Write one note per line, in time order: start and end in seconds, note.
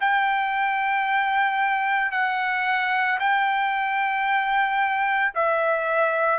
0.00 2.11 G5
2.11 3.19 F#5
3.19 5.33 G5
5.34 6.38 E5